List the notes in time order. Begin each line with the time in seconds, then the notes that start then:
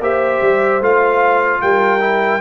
0.00 A#3 G4 C5 E5
0.41 G3
0.81 A3 F4 F5
1.62 G3 A#4 G5
2.00 E4